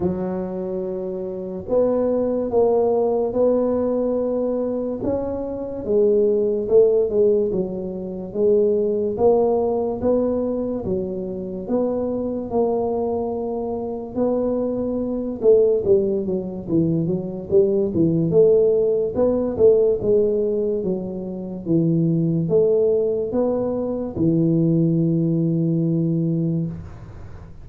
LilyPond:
\new Staff \with { instrumentName = "tuba" } { \time 4/4 \tempo 4 = 72 fis2 b4 ais4 | b2 cis'4 gis4 | a8 gis8 fis4 gis4 ais4 | b4 fis4 b4 ais4~ |
ais4 b4. a8 g8 fis8 | e8 fis8 g8 e8 a4 b8 a8 | gis4 fis4 e4 a4 | b4 e2. | }